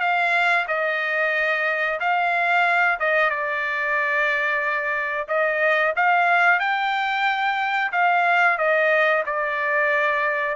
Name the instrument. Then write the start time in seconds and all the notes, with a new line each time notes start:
trumpet
0.00 F5
0.68 D#5
2.00 F5
2.99 D#5
3.30 D5
5.28 D#5
5.96 F5
6.60 G5
7.92 F5
8.58 D#5
9.26 D5